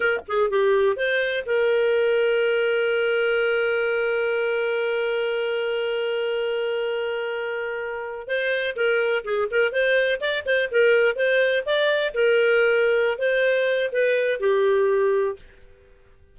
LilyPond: \new Staff \with { instrumentName = "clarinet" } { \time 4/4 \tempo 4 = 125 ais'8 gis'8 g'4 c''4 ais'4~ | ais'1~ | ais'1~ | ais'1~ |
ais'4~ ais'16 c''4 ais'4 gis'8 ais'16~ | ais'16 c''4 d''8 c''8 ais'4 c''8.~ | c''16 d''4 ais'2~ ais'16 c''8~ | c''4 b'4 g'2 | }